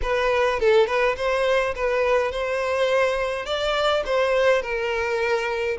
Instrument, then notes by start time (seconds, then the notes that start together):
violin
0.02 B4
0.59 A4
0.87 B4
1.16 C5
1.75 B4
2.31 C5
3.45 D5
4.05 C5
4.62 A#4